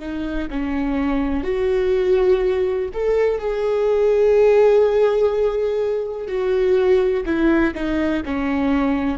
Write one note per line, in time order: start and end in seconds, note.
0.00 0.48 D#4
0.51 1.43 C#4
1.43 2.89 F#4
2.94 3.39 A4
3.39 6.27 G#4
6.27 7.24 F#4
7.26 7.74 E4
7.75 8.23 D#4
8.25 9.18 C#4